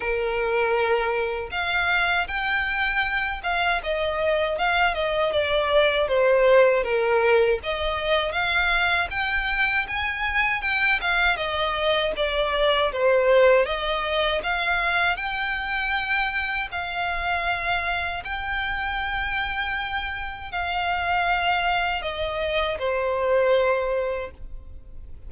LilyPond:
\new Staff \with { instrumentName = "violin" } { \time 4/4 \tempo 4 = 79 ais'2 f''4 g''4~ | g''8 f''8 dis''4 f''8 dis''8 d''4 | c''4 ais'4 dis''4 f''4 | g''4 gis''4 g''8 f''8 dis''4 |
d''4 c''4 dis''4 f''4 | g''2 f''2 | g''2. f''4~ | f''4 dis''4 c''2 | }